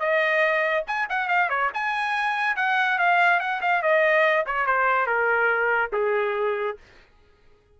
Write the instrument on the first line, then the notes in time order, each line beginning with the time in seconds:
trumpet
0.00 D#5
0.87 G#5
1.09 F#5
1.28 F5
1.50 C#5
1.74 G#5
2.56 F#5
2.99 F5
3.40 F#5
3.61 F5
3.82 D#5
4.46 C#5
4.66 C5
5.06 A#4
5.93 G#4